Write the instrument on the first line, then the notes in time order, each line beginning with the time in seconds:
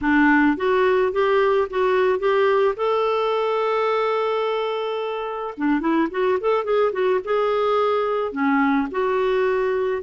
clarinet
0.01 D4
0.57 F#4
1.12 G4
1.69 F#4
2.19 G4
2.76 A4
5.57 D4
5.80 E4
6.11 F#4
6.40 A4
6.64 G#4
6.92 F#4
7.24 G#4
8.32 C#4
8.91 F#4